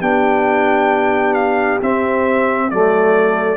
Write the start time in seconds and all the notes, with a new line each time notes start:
0.00 B3 D4 G4 G5
1.34 F5
1.82 C4 E5
2.70 F#3 A3 A4 D5